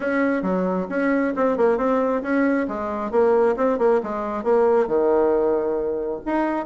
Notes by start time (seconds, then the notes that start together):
0.00 C#4
0.42 F#3
0.89 C#4
1.36 C4
1.57 A#3
1.77 C4
2.22 C#4
2.68 G#3
3.11 A#3
3.56 C4
3.78 A#3
4.03 G#3
4.43 A#3
4.87 D#3
6.25 D#4